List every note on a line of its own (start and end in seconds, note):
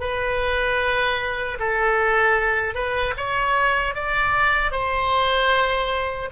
0.00 1.58 B4
1.59 2.74 A4
2.74 3.14 B4
3.17 3.94 C#5
3.94 4.71 D5
4.71 6.29 C5